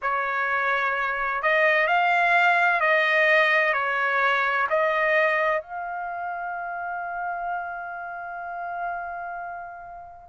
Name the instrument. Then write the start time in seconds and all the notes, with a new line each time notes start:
trumpet
0.02 C#5
1.42 D#5
1.87 F5
2.80 D#5
3.73 C#5
4.69 D#5
5.61 F5